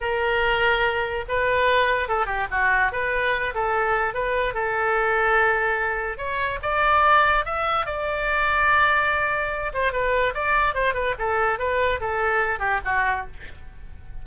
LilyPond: \new Staff \with { instrumentName = "oboe" } { \time 4/4 \tempo 4 = 145 ais'2. b'4~ | b'4 a'8 g'8 fis'4 b'4~ | b'8 a'4. b'4 a'4~ | a'2. cis''4 |
d''2 e''4 d''4~ | d''2.~ d''8 c''8 | b'4 d''4 c''8 b'8 a'4 | b'4 a'4. g'8 fis'4 | }